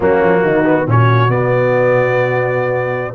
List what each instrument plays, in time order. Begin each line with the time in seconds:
0.00 tuba F#3, trombone A#3, horn C#4, trumpet F#4
0.22 tuba F3
0.43 tuba D#3, horn D#4
0.65 trombone B3
0.86 tuba A#2, trombone C#4, horn F#4, trumpet C#5
1.28 tuba B2, trombone B3, trumpet D5